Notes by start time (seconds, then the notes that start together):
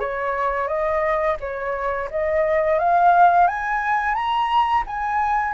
0.00 C#5
0.68 D#5
1.40 C#5
2.11 D#5
2.79 F5
3.48 G#5
4.14 A#5
4.87 G#5